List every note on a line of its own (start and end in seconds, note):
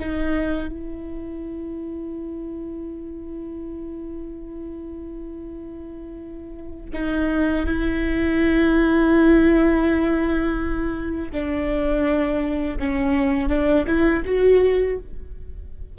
0.00 0.69 D#4
0.69 6.91 E4
6.94 7.66 D#4
7.66 11.32 E4
11.32 12.79 D4
12.79 13.50 C#4
13.50 13.86 D4
13.87 14.24 E4
14.26 14.99 F#4